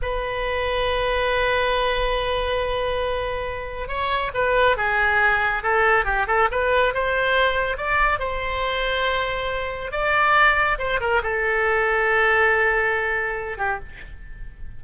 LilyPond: \new Staff \with { instrumentName = "oboe" } { \time 4/4 \tempo 4 = 139 b'1~ | b'1~ | b'4 cis''4 b'4 gis'4~ | gis'4 a'4 g'8 a'8 b'4 |
c''2 d''4 c''4~ | c''2. d''4~ | d''4 c''8 ais'8 a'2~ | a'2.~ a'8 g'8 | }